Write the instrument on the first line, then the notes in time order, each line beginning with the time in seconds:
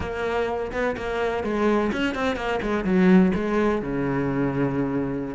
cello
0.00 A#3
0.72 B3
0.97 A#3
1.43 G#3
1.92 C#4
2.15 C4
2.35 A#3
2.61 G#3
2.84 F#3
3.34 G#3
3.82 C#3